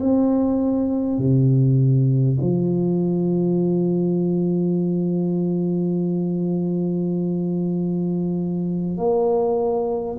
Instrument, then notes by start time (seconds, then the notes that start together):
tuba
0.00 C4
1.18 C3
2.42 F3
8.98 A#3